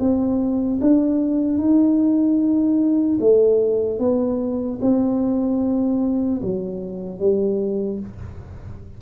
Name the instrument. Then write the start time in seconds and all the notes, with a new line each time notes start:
tuba
0.00 C4
0.81 D4
1.58 D#4
3.20 A3
3.99 B3
4.82 C4
6.42 F#3
7.20 G3